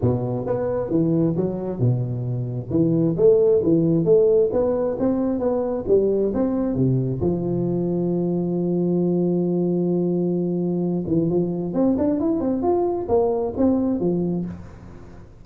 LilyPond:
\new Staff \with { instrumentName = "tuba" } { \time 4/4 \tempo 4 = 133 b,4 b4 e4 fis4 | b,2 e4 a4 | e4 a4 b4 c'4 | b4 g4 c'4 c4 |
f1~ | f1~ | f8 e8 f4 c'8 d'8 e'8 c'8 | f'4 ais4 c'4 f4 | }